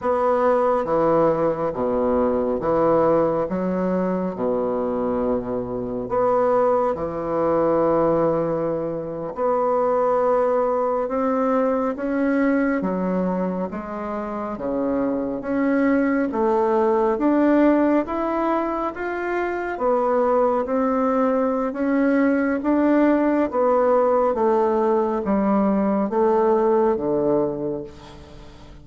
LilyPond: \new Staff \with { instrumentName = "bassoon" } { \time 4/4 \tempo 4 = 69 b4 e4 b,4 e4 | fis4 b,2 b4 | e2~ e8. b4~ b16~ | b8. c'4 cis'4 fis4 gis16~ |
gis8. cis4 cis'4 a4 d'16~ | d'8. e'4 f'4 b4 c'16~ | c'4 cis'4 d'4 b4 | a4 g4 a4 d4 | }